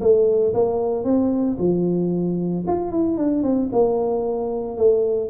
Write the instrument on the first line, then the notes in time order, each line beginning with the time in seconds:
tuba
0.00 A3
0.53 A#3
1.04 C4
1.58 F3
2.66 F4
2.91 E4
3.17 D4
3.43 C4
3.72 A#3
4.77 A3